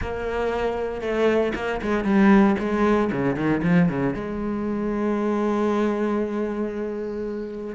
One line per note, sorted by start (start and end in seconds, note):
0.01 1.01 A#3
1.01 1.53 A3
1.54 1.80 A#3
1.81 2.04 G#3
2.04 2.56 G3
2.59 3.10 G#3
3.12 3.36 C#3
3.36 3.61 D#3
3.63 3.88 F3
3.88 4.14 C#3
4.14 7.75 G#3